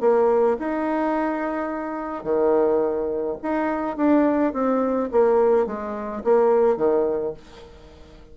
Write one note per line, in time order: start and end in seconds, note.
0.00 0.57 A#3
0.59 2.23 D#4
2.23 3.36 D#3
3.42 3.96 D#4
3.96 4.53 D4
4.53 5.09 C4
5.11 5.66 A#3
5.66 6.23 G#3
6.24 6.77 A#3
6.77 7.33 D#3